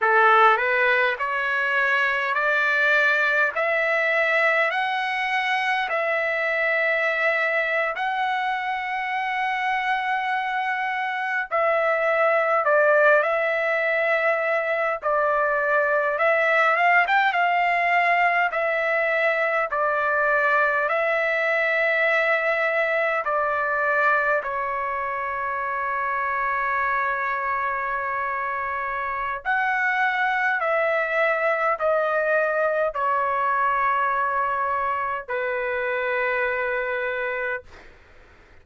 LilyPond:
\new Staff \with { instrumentName = "trumpet" } { \time 4/4 \tempo 4 = 51 a'8 b'8 cis''4 d''4 e''4 | fis''4 e''4.~ e''16 fis''4~ fis''16~ | fis''4.~ fis''16 e''4 d''8 e''8.~ | e''8. d''4 e''8 f''16 g''16 f''4 e''16~ |
e''8. d''4 e''2 d''16~ | d''8. cis''2.~ cis''16~ | cis''4 fis''4 e''4 dis''4 | cis''2 b'2 | }